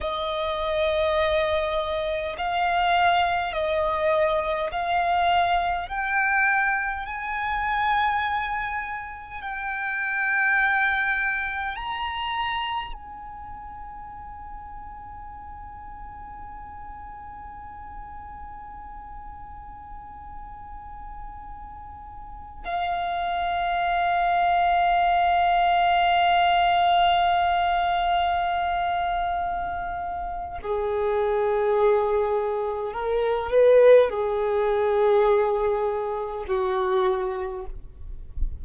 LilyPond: \new Staff \with { instrumentName = "violin" } { \time 4/4 \tempo 4 = 51 dis''2 f''4 dis''4 | f''4 g''4 gis''2 | g''2 ais''4 gis''4~ | gis''1~ |
gis''2.~ gis''16 f''8.~ | f''1~ | f''2 gis'2 | ais'8 b'8 gis'2 fis'4 | }